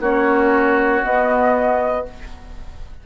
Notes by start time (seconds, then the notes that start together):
0.00 A#3 C#4 F#4 C#5
1.03 B3 D#5